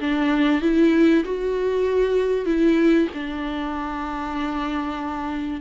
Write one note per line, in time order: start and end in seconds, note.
0.00 0.62 D4
0.62 1.24 E4
1.24 2.45 F#4
2.45 3.08 E4
3.14 5.61 D4